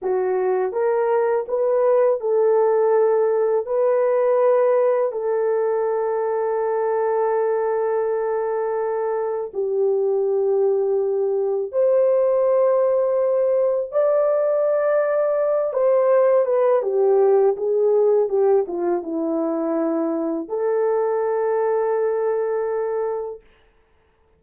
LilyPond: \new Staff \with { instrumentName = "horn" } { \time 4/4 \tempo 4 = 82 fis'4 ais'4 b'4 a'4~ | a'4 b'2 a'4~ | a'1~ | a'4 g'2. |
c''2. d''4~ | d''4. c''4 b'8 g'4 | gis'4 g'8 f'8 e'2 | a'1 | }